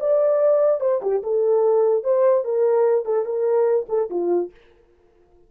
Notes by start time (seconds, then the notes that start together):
0.00 D5
0.80 C5
1.02 G4
1.23 A4
2.04 C5
2.45 A#4
3.05 A4
3.25 A#4
3.89 A4
4.10 F4